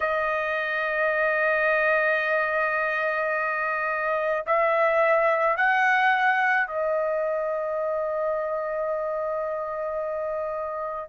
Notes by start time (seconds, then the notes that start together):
0.00 D#5
4.46 E5
5.56 F#5
6.67 D#5